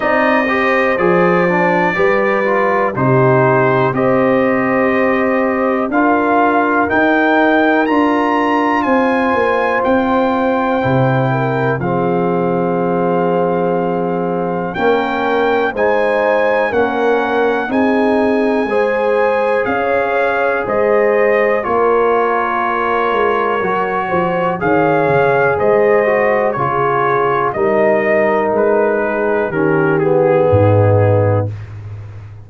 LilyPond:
<<
  \new Staff \with { instrumentName = "trumpet" } { \time 4/4 \tempo 4 = 61 dis''4 d''2 c''4 | dis''2 f''4 g''4 | ais''4 gis''4 g''2 | f''2. g''4 |
gis''4 fis''4 gis''2 | f''4 dis''4 cis''2~ | cis''4 f''4 dis''4 cis''4 | dis''4 b'4 ais'8 gis'4. | }
  \new Staff \with { instrumentName = "horn" } { \time 4/4 d''8 c''4. b'4 g'4 | c''2 ais'2~ | ais'4 c''2~ c''8 ais'8 | gis'2. ais'4 |
c''4 ais'4 gis'4 c''4 | cis''4 c''4 ais'2~ | ais'8 c''8 cis''4 c''4 gis'4 | ais'4. gis'8 g'4 dis'4 | }
  \new Staff \with { instrumentName = "trombone" } { \time 4/4 dis'8 g'8 gis'8 d'8 g'8 f'8 dis'4 | g'2 f'4 dis'4 | f'2. e'4 | c'2. cis'4 |
dis'4 cis'4 dis'4 gis'4~ | gis'2 f'2 | fis'4 gis'4. fis'8 f'4 | dis'2 cis'8 b4. | }
  \new Staff \with { instrumentName = "tuba" } { \time 4/4 c'4 f4 g4 c4 | c'2 d'4 dis'4 | d'4 c'8 ais8 c'4 c4 | f2. ais4 |
gis4 ais4 c'4 gis4 | cis'4 gis4 ais4. gis8 | fis8 f8 dis8 cis8 gis4 cis4 | g4 gis4 dis4 gis,4 | }
>>